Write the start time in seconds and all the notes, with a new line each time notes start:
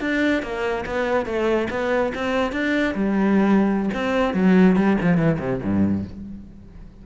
0.00 D4
0.42 A#3
0.86 B3
1.25 A3
1.70 B3
2.15 C4
2.52 D4
2.95 G3
3.93 C4
4.33 F#3
4.76 G3
5.01 F3
5.17 E3
5.39 C3
5.63 G2